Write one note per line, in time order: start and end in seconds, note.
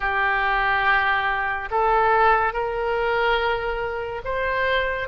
0.00 1.69 G4
1.70 2.53 A4
2.53 4.22 A#4
4.24 5.08 C5